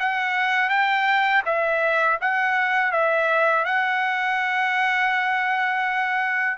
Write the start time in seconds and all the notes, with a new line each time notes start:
0.00 F#5
0.70 G5
1.46 E5
2.22 F#5
2.92 E5
3.66 F#5